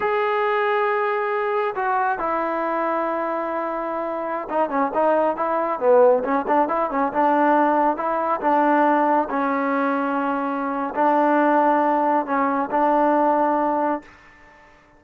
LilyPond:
\new Staff \with { instrumentName = "trombone" } { \time 4/4 \tempo 4 = 137 gis'1 | fis'4 e'2.~ | e'2~ e'16 dis'8 cis'8 dis'8.~ | dis'16 e'4 b4 cis'8 d'8 e'8 cis'16~ |
cis'16 d'2 e'4 d'8.~ | d'4~ d'16 cis'2~ cis'8.~ | cis'4 d'2. | cis'4 d'2. | }